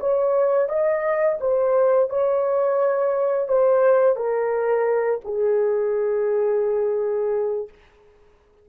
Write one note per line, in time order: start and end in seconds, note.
0.00 0.69 C#5
0.69 1.39 D#5
1.40 2.10 C5
2.10 3.48 C#5
3.48 4.16 C5
4.16 5.21 A#4
5.25 7.69 G#4